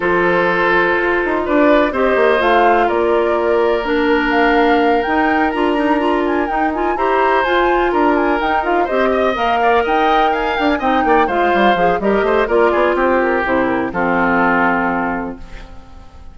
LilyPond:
<<
  \new Staff \with { instrumentName = "flute" } { \time 4/4 \tempo 4 = 125 c''2. d''4 | dis''4 f''4 d''2 | ais'4 f''4. g''4 ais''8~ | ais''4 gis''8 g''8 gis''8 ais''4 gis''8~ |
gis''8 ais''8 gis''8 g''8 f''8 dis''4 f''8~ | f''8 g''4 gis''8 g''16 gis''16 g''4 f''8~ | f''4 dis''4 d''4 c''8 ais'8 | c''8 ais'8 a'2. | }
  \new Staff \with { instrumentName = "oboe" } { \time 4/4 a'2. b'4 | c''2 ais'2~ | ais'1~ | ais'2~ ais'8 c''4.~ |
c''8 ais'2 c''8 dis''4 | d''8 dis''4 f''4 dis''8 d''8 c''8~ | c''4 ais'8 c''8 ais'8 gis'8 g'4~ | g'4 f'2. | }
  \new Staff \with { instrumentName = "clarinet" } { \time 4/4 f'1 | g'4 f'2. | d'2~ d'8 dis'4 f'8 | dis'8 f'4 dis'8 f'8 g'4 f'8~ |
f'4. dis'8 f'8 g'4 ais'8~ | ais'2~ ais'8 dis'4 f'8~ | f'8 gis'8 g'4 f'2 | e'4 c'2. | }
  \new Staff \with { instrumentName = "bassoon" } { \time 4/4 f2 f'8 dis'8 d'4 | c'8 ais8 a4 ais2~ | ais2~ ais8 dis'4 d'8~ | d'4. dis'4 e'4 f'8~ |
f'8 d'4 dis'4 c'4 ais8~ | ais8 dis'4. d'8 c'8 ais8 gis8 | g8 f8 g8 a8 ais8 b8 c'4 | c4 f2. | }
>>